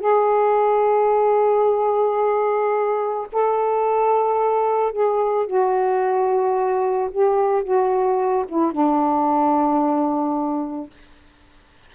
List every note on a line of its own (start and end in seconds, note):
0.00 3.27 G#4
3.33 4.92 A4
4.92 5.46 G#4
5.46 7.10 F#4
7.11 7.63 G4
7.63 8.45 F#4
8.48 8.72 E4
8.72 10.90 D4